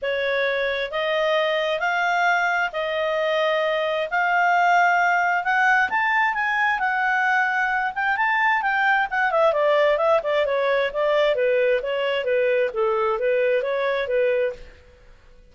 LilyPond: \new Staff \with { instrumentName = "clarinet" } { \time 4/4 \tempo 4 = 132 cis''2 dis''2 | f''2 dis''2~ | dis''4 f''2. | fis''4 a''4 gis''4 fis''4~ |
fis''4. g''8 a''4 g''4 | fis''8 e''8 d''4 e''8 d''8 cis''4 | d''4 b'4 cis''4 b'4 | a'4 b'4 cis''4 b'4 | }